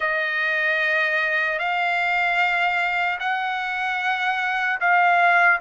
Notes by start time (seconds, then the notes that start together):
0.00 D#5
1.58 F5
3.19 F#5
4.80 F5